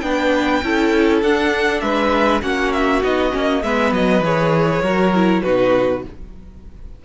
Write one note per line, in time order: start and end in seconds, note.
0.00 0.62 B3
0.00 0.63 D4
0.00 0.65 B4
0.00 1.20 G5
0.63 1.23 C#4
0.63 1.24 E4
0.63 1.83 A4
1.23 1.82 D4
1.23 2.42 D4
1.23 1.81 F#5
1.81 2.42 G#3
1.81 2.43 B4
1.81 2.41 E5
2.42 3.03 A#3
2.42 3.02 C#4
2.42 3.63 F#4
2.42 2.73 F#5
2.73 3.03 E5
3.03 3.33 B3
3.03 3.31 D#4
3.03 3.64 D#5
3.31 3.63 A#3
3.31 3.62 C#4
3.63 3.93 G#3
3.63 4.24 B3
3.63 4.83 B4
3.63 3.94 E5
3.93 4.20 F#3
3.93 4.25 D#5
4.20 4.80 E3
4.20 4.84 G#4
4.20 5.43 C#5
4.83 5.43 F#3
4.83 5.14 F#4
4.83 5.43 A#4
5.15 5.45 E4
5.43 6.05 B2
5.43 6.05 D#4
5.43 6.04 F#4
5.43 6.03 B4